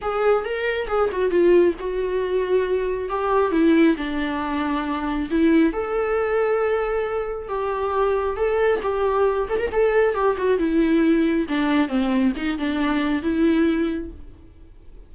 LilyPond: \new Staff \with { instrumentName = "viola" } { \time 4/4 \tempo 4 = 136 gis'4 ais'4 gis'8 fis'8 f'4 | fis'2. g'4 | e'4 d'2. | e'4 a'2.~ |
a'4 g'2 a'4 | g'4. a'16 ais'16 a'4 g'8 fis'8 | e'2 d'4 c'4 | dis'8 d'4. e'2 | }